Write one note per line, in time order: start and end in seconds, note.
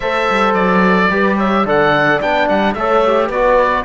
0.00 0.28 A3
0.00 1.10 A4
0.00 1.07 C5
0.00 0.53 E5
0.29 0.53 G3
0.53 1.08 F#3
0.53 1.36 D5
1.10 1.64 G3
1.10 1.65 G4
1.10 1.37 B4
1.37 1.65 C#5
1.37 1.66 E5
1.64 2.19 D3
1.64 2.20 A4
1.64 2.76 D5
1.64 2.21 F#5
2.21 2.49 B3
2.21 2.76 D4
2.21 2.48 G5
2.48 2.74 G3
2.48 2.74 F#5
2.74 3.29 A3
2.74 3.05 A4
2.74 3.27 C#5
2.74 3.29 E5
3.06 3.33 G4
3.27 3.84 B3
3.27 3.82 B4
3.27 3.84 D5
3.33 3.84 F#4